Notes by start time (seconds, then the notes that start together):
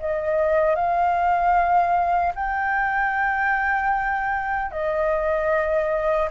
0.00 D#5
0.76 F5
2.35 G5
4.72 D#5